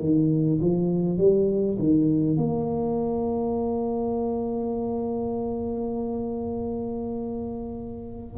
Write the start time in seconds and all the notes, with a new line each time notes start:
0.00 D#3
0.61 F3
1.18 G3
1.79 D#3
2.37 A#3